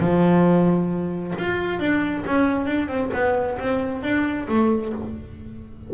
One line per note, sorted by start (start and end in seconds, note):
0.00 1.34 F3
1.39 1.80 F4
1.80 2.24 D4
2.26 2.66 C#4
2.66 2.88 D4
2.88 3.11 C4
3.13 3.58 B3
3.59 4.03 C4
4.03 4.47 D4
4.48 4.93 A3